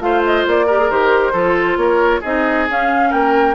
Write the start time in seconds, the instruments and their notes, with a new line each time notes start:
0.00 bassoon A3, clarinet F4, oboe C5, flute F5
0.25 flute D#5
0.48 bassoon A#3, flute D5
0.66 clarinet G4, oboe A#4
0.79 clarinet G#4
0.90 bassoon D#3, clarinet G4, flute C5
1.33 bassoon F3, clarinet F4, oboe A4
1.77 bassoon A#3, oboe A#4, flute C#5
2.21 bassoon C4, clarinet D#4, oboe G#4, flute D#5
2.69 clarinet C#4, bassoon C#4, flute F5
3.10 bassoon A#3, oboe A#4, flute G5